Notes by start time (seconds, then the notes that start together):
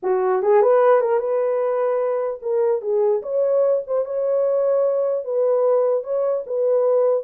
0.02 F#4
0.42 G#4
0.62 B4
1.00 A#4
1.19 B4
2.42 A#4
2.81 G#4
3.22 C#5
3.86 C5
4.05 C#5
5.24 B4
6.03 C#5
6.46 B4